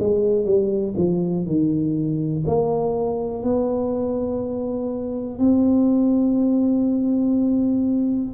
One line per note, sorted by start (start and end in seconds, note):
0.00 0.46 G#3
0.46 0.95 G3
0.97 1.46 F3
1.46 2.45 D#3
2.46 3.43 A#3
3.43 5.39 B3
5.39 8.34 C4